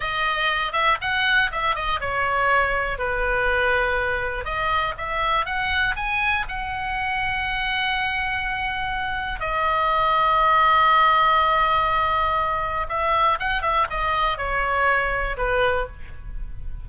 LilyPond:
\new Staff \with { instrumentName = "oboe" } { \time 4/4 \tempo 4 = 121 dis''4. e''8 fis''4 e''8 dis''8 | cis''2 b'2~ | b'4 dis''4 e''4 fis''4 | gis''4 fis''2.~ |
fis''2. dis''4~ | dis''1~ | dis''2 e''4 fis''8 e''8 | dis''4 cis''2 b'4 | }